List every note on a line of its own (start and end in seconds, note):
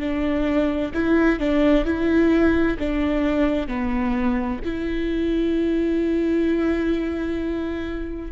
0.00 0.92 D4
0.94 1.39 E4
1.39 1.85 D4
1.85 2.77 E4
2.79 3.67 D4
3.67 4.59 B3
4.64 8.31 E4